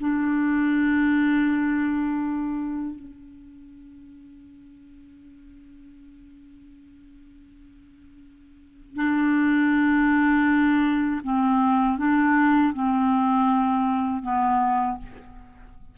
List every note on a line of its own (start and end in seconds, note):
0.00 2.96 D4
2.96 8.96 C#4
8.96 11.21 D4
11.24 11.99 C4
11.99 12.74 D4
12.74 14.23 C4
14.23 14.98 B3